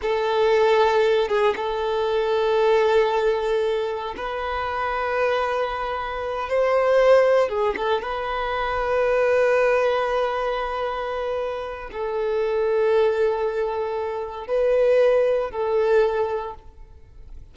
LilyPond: \new Staff \with { instrumentName = "violin" } { \time 4/4 \tempo 4 = 116 a'2~ a'8 gis'8 a'4~ | a'1 | b'1~ | b'8 c''2 gis'8 a'8 b'8~ |
b'1~ | b'2. a'4~ | a'1 | b'2 a'2 | }